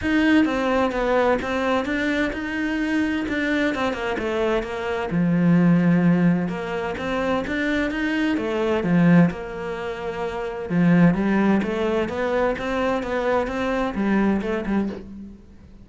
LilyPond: \new Staff \with { instrumentName = "cello" } { \time 4/4 \tempo 4 = 129 dis'4 c'4 b4 c'4 | d'4 dis'2 d'4 | c'8 ais8 a4 ais4 f4~ | f2 ais4 c'4 |
d'4 dis'4 a4 f4 | ais2. f4 | g4 a4 b4 c'4 | b4 c'4 g4 a8 g8 | }